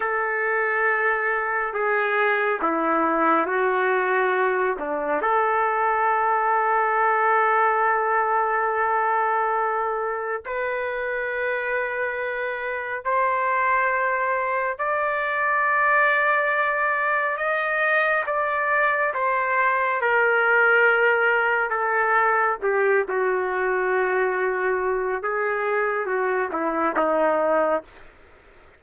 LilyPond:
\new Staff \with { instrumentName = "trumpet" } { \time 4/4 \tempo 4 = 69 a'2 gis'4 e'4 | fis'4. d'8 a'2~ | a'1 | b'2. c''4~ |
c''4 d''2. | dis''4 d''4 c''4 ais'4~ | ais'4 a'4 g'8 fis'4.~ | fis'4 gis'4 fis'8 e'8 dis'4 | }